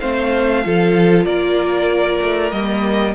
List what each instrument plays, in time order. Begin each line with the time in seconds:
0.00 cello A3, viola C4, violin C5 F5
0.64 cello F3, viola F4, violin A4
1.25 cello A#3, violin A#4 D5
2.21 cello A3
2.51 cello G3, viola A#3, violin D#5